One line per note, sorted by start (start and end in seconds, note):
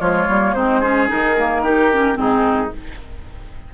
0.00 0.27 F3
0.00 0.28 G#3
0.00 0.55 F4
0.00 0.54 C#5
0.29 0.55 G3
0.29 0.56 A#3
0.54 1.10 G#3
0.54 0.83 C4
0.54 0.80 D#4
0.54 1.08 C5
0.80 1.08 C#4
0.80 1.62 G#4
1.08 2.17 D#3
1.08 1.35 D#4
1.08 2.18 A#4
1.38 1.64 A#3
1.63 1.91 D#4
1.63 2.18 G4
1.92 2.13 C#4
2.13 2.71 G#2
2.13 2.68 C4
2.13 2.73 G#4
2.19 2.74 D#4